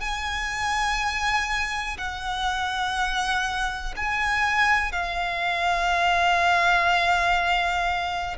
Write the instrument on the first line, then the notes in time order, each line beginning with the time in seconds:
violin
0.00 G#5
1.97 F#5
3.96 G#5
4.92 F5